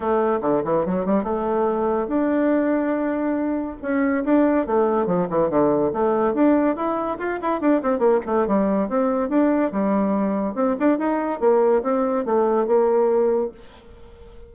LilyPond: \new Staff \with { instrumentName = "bassoon" } { \time 4/4 \tempo 4 = 142 a4 d8 e8 fis8 g8 a4~ | a4 d'2.~ | d'4 cis'4 d'4 a4 | f8 e8 d4 a4 d'4 |
e'4 f'8 e'8 d'8 c'8 ais8 a8 | g4 c'4 d'4 g4~ | g4 c'8 d'8 dis'4 ais4 | c'4 a4 ais2 | }